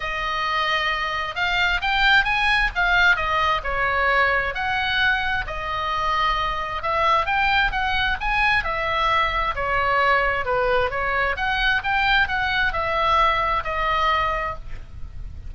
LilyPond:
\new Staff \with { instrumentName = "oboe" } { \time 4/4 \tempo 4 = 132 dis''2. f''4 | g''4 gis''4 f''4 dis''4 | cis''2 fis''2 | dis''2. e''4 |
g''4 fis''4 gis''4 e''4~ | e''4 cis''2 b'4 | cis''4 fis''4 g''4 fis''4 | e''2 dis''2 | }